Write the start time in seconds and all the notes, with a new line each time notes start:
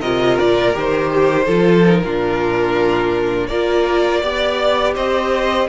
0.00 C3 F4 A#4 D#5
0.39 A#2 D5
0.72 D#3 G4 C5
1.14 G4
1.45 F3 F4 A4
1.86 D#4 A#4
2.04 A#2 D4 F4
3.46 A#3 F4 A#4 D5
4.20 B3 G4 D5
4.94 C4 C5 D#5